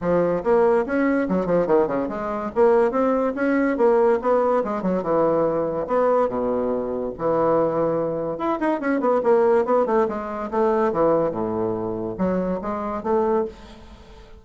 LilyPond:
\new Staff \with { instrumentName = "bassoon" } { \time 4/4 \tempo 4 = 143 f4 ais4 cis'4 fis8 f8 | dis8 cis8 gis4 ais4 c'4 | cis'4 ais4 b4 gis8 fis8 | e2 b4 b,4~ |
b,4 e2. | e'8 dis'8 cis'8 b8 ais4 b8 a8 | gis4 a4 e4 a,4~ | a,4 fis4 gis4 a4 | }